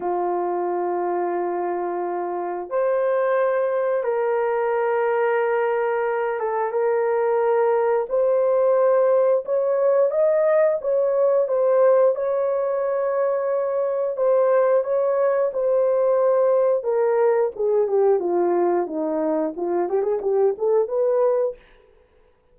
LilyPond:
\new Staff \with { instrumentName = "horn" } { \time 4/4 \tempo 4 = 89 f'1 | c''2 ais'2~ | ais'4. a'8 ais'2 | c''2 cis''4 dis''4 |
cis''4 c''4 cis''2~ | cis''4 c''4 cis''4 c''4~ | c''4 ais'4 gis'8 g'8 f'4 | dis'4 f'8 g'16 gis'16 g'8 a'8 b'4 | }